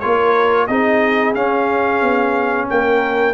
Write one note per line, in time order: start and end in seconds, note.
0.00 0.68 A#3
0.00 0.69 F4
0.00 0.68 A#4
0.00 0.67 C#5
0.67 1.35 C4
0.67 1.36 D#4
0.67 2.68 G#4
0.67 1.34 D#5
1.35 2.02 C#4
1.35 3.34 C#4
1.35 2.68 F5
2.02 2.68 B3
2.69 3.34 A#3
2.69 3.34 A#4
2.69 3.34 G5